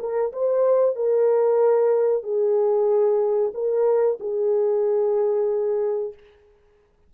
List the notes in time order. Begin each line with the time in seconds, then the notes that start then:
0.00 A#4
0.33 C5
0.96 A#4
2.23 G#4
3.54 A#4
4.20 G#4